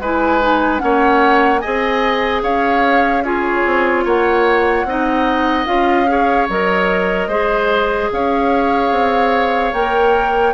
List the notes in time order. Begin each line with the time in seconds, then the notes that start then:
0.00 G#3 E4 B4 G#5
0.42 D#4
0.78 A#3 C#4 C#5 F#5
1.60 G#4 D#5 G#5
1.66 C4
2.43 C#4 C#5 F5
3.24 F4 G#4 C#5
3.67 C4
4.05 A#3 C#5 F#5
4.85 C4 D#4 D#5
5.66 C#4 F4 F5
6.07 G#4 C#5
6.49 F#3 A#4 D#5
7.28 G#3 G#4 C5
8.13 C#4 C#5 F5
8.91 C4
9.73 A#3 A#4 G5